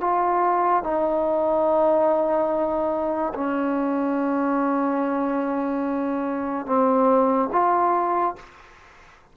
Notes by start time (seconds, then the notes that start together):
0.00 F4
0.83 D#4
3.34 C#4
6.66 C4
7.52 F4